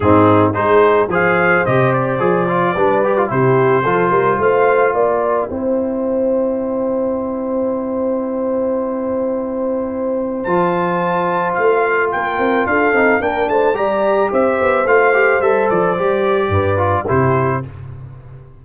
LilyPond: <<
  \new Staff \with { instrumentName = "trumpet" } { \time 4/4 \tempo 4 = 109 gis'4 c''4 f''4 dis''8 d''8~ | d''2 c''2 | f''4 g''2.~ | g''1~ |
g''2. a''4~ | a''4 f''4 g''4 f''4 | g''8 a''8 ais''4 e''4 f''4 | e''8 d''2~ d''8 c''4 | }
  \new Staff \with { instrumentName = "horn" } { \time 4/4 dis'4 gis'4 c''2~ | c''4 b'4 g'4 a'8 ais'8 | c''4 d''4 c''2~ | c''1~ |
c''1~ | c''2 ais'4 a'4 | ais'8 c''8 d''4 c''2~ | c''2 b'4 g'4 | }
  \new Staff \with { instrumentName = "trombone" } { \time 4/4 c'4 dis'4 gis'4 g'4 | gis'8 f'8 d'8 g'16 f'16 e'4 f'4~ | f'2 e'2~ | e'1~ |
e'2. f'4~ | f'2.~ f'8 dis'8 | d'4 g'2 f'8 g'8 | a'4 g'4. f'8 e'4 | }
  \new Staff \with { instrumentName = "tuba" } { \time 4/4 gis,4 gis4 f4 c4 | f4 g4 c4 f8 g8 | a4 ais4 c'2~ | c'1~ |
c'2. f4~ | f4 a4 ais8 c'8 d'8 c'8 | ais8 a8 g4 c'8 b8 a4 | g8 f8 g4 g,4 c4 | }
>>